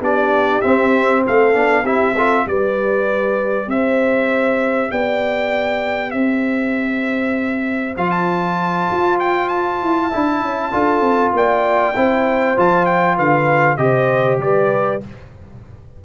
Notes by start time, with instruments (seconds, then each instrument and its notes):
0.00 tuba B3, trombone D4, horn G4, trumpet D5
0.61 trombone C4, tuba C4, trumpet E5
1.25 tuba A3, horn A4, trumpet F5
1.53 tuba B3, trombone D4
1.83 tuba C4, trombone E4, horn G4, trumpet E5
2.13 trombone F4, horn A4
2.46 tuba G3, trombone G4, horn B4, trumpet D5
3.67 tuba C4, horn C5, trumpet E5
4.91 tuba B3, horn D5, trumpet G5
6.10 tuba C4, horn C5, trumpet E5
7.96 tuba F3, trombone F4, trumpet F5
8.10 trumpet A5
8.91 tuba F4
9.19 trumpet G5
9.48 trumpet A5
9.82 tuba E4
10.08 trombone E4, horn E5
10.14 tuba D4
10.41 tuba C#4
10.72 tuba D4, trombone F4, horn A4
11.01 tuba C4
11.32 tuba A#3, horn D5, trumpet G5
11.95 tuba C4, trombone E4, horn C5
12.57 tuba F3, trombone F4, trumpet A5
12.85 trumpet G5
13.16 tuba D3, horn B4, trumpet F5
13.77 tuba C3, trombone G4, horn C5, trumpet D#5
14.38 tuba G3, horn B4, trumpet D5